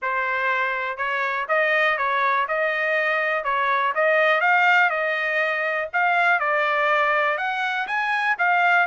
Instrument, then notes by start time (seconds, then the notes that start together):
trumpet
0.02 C5
0.97 C#5
1.48 D#5
1.97 C#5
2.48 D#5
3.44 C#5
3.94 D#5
4.40 F5
4.90 D#5
5.93 F5
6.39 D5
7.37 F#5
7.87 G#5
8.38 F5